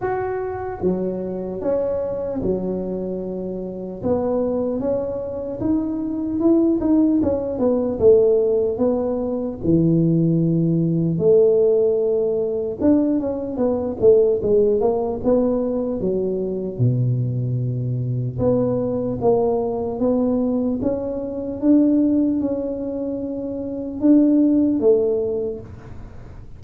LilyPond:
\new Staff \with { instrumentName = "tuba" } { \time 4/4 \tempo 4 = 75 fis'4 fis4 cis'4 fis4~ | fis4 b4 cis'4 dis'4 | e'8 dis'8 cis'8 b8 a4 b4 | e2 a2 |
d'8 cis'8 b8 a8 gis8 ais8 b4 | fis4 b,2 b4 | ais4 b4 cis'4 d'4 | cis'2 d'4 a4 | }